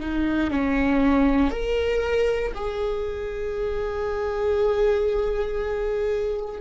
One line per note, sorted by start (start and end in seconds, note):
0.00 0.50 D#4
0.50 1.51 C#4
1.51 2.52 A#4
2.54 6.61 G#4